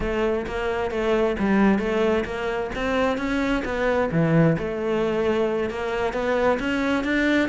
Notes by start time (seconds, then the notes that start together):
0.00 A3
0.46 A#3
0.90 A3
1.39 G3
1.79 A3
2.25 A#3
2.75 C4
3.17 C#4
3.64 B3
4.11 E3
4.58 A3
5.69 A#3
6.13 B3
6.59 C#4
7.04 D4